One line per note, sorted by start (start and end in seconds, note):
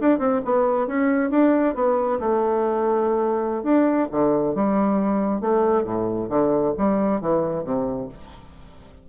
0.00 0.19 D4
0.19 0.41 C4
0.44 0.87 B3
0.87 1.30 C#4
1.30 1.75 D4
1.75 2.19 B3
2.19 3.63 A3
3.63 4.07 D4
4.11 4.54 D3
4.54 5.41 G3
5.41 5.84 A3
5.84 6.28 A2
6.29 6.73 D3
6.77 7.20 G3
7.20 7.64 E3
7.64 8.08 C3